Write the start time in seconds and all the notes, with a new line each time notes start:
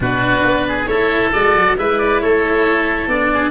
0.00 B2 D4 F#4 B4
0.44 B3
0.68 G#4
0.86 A3 E4 A4 C#5
1.32 G#3 F#4 D5
1.55 F#3
1.77 G#3 E4 B4 E5
1.98 D5
2.20 A3 A4 C#5
3.07 B3 D4 D5
3.33 G#4